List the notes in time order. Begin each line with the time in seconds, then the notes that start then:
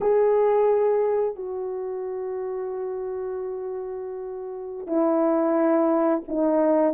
0.00 G#4
1.35 F#4
4.86 E4
6.28 D#4